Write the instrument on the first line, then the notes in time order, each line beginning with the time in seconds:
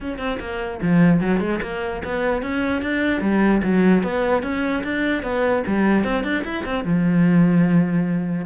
cello
0.01 C#4
0.18 C4
0.40 A#3
0.81 F3
1.20 F#3
1.39 G#3
1.62 A#3
2.04 B3
2.42 C#4
2.82 D4
3.21 G3
3.62 F#3
4.03 B3
4.43 C#4
4.83 D4
5.23 B3
5.67 G3
6.04 C4
6.23 D4
6.44 E4
6.65 C4
6.84 F3